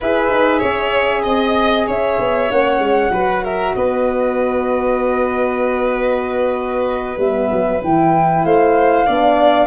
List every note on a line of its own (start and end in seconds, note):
0.01 0.30 E4
0.01 2.50 G#4
0.01 0.59 B4
0.01 1.26 E5
0.30 0.61 D#4
0.59 1.24 C#4
0.59 1.21 C#5
1.23 1.87 C4
1.23 1.85 D#5
1.23 1.88 D#5
1.86 2.18 C#4
1.86 3.11 C#5
1.86 2.51 E5
2.19 2.50 B3
2.50 2.79 A#3
2.50 3.11 C#4
2.50 3.44 F#5
2.79 3.10 G#3
3.11 3.74 F#3
3.11 7.17 F#4
3.11 3.44 B4
3.44 3.75 A#4
3.44 3.74 E5
3.74 7.17 B3
3.74 8.45 B4
3.74 7.18 D#5
7.17 7.48 G3
7.17 7.81 B3
7.17 7.82 E5
7.51 7.82 F#3
7.81 8.44 E3
7.81 9.06 E4
7.81 8.45 G5
8.44 9.07 A3
8.44 9.06 C5
8.44 9.66 F5
9.06 9.66 B3
9.06 9.66 D4
9.06 9.66 D5